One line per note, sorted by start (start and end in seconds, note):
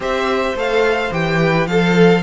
0.00 0.53 C4
0.00 0.55 G4
0.00 1.41 C5
0.00 0.58 E5
0.54 1.10 A3
0.54 1.11 A4
0.54 1.13 F5
1.11 1.66 E3
1.11 1.67 G4
1.11 1.66 G5
1.41 1.69 B4
1.66 2.22 F3
1.66 2.22 A4
1.66 2.22 F5